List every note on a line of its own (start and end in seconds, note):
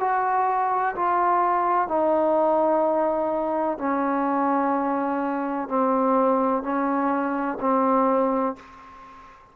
0.00 0.95 F#4
0.96 1.89 F4
1.89 3.78 D#4
3.78 5.69 C#4
5.69 6.64 C4
6.64 7.59 C#4
7.61 8.56 C4